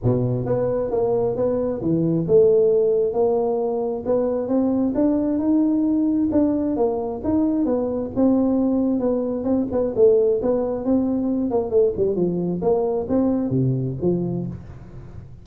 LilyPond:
\new Staff \with { instrumentName = "tuba" } { \time 4/4 \tempo 4 = 133 b,4 b4 ais4 b4 | e4 a2 ais4~ | ais4 b4 c'4 d'4 | dis'2 d'4 ais4 |
dis'4 b4 c'2 | b4 c'8 b8 a4 b4 | c'4. ais8 a8 g8 f4 | ais4 c'4 c4 f4 | }